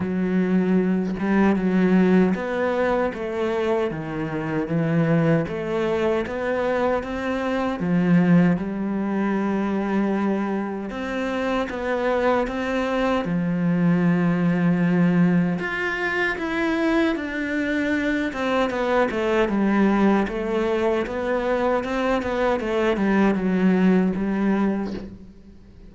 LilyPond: \new Staff \with { instrumentName = "cello" } { \time 4/4 \tempo 4 = 77 fis4. g8 fis4 b4 | a4 dis4 e4 a4 | b4 c'4 f4 g4~ | g2 c'4 b4 |
c'4 f2. | f'4 e'4 d'4. c'8 | b8 a8 g4 a4 b4 | c'8 b8 a8 g8 fis4 g4 | }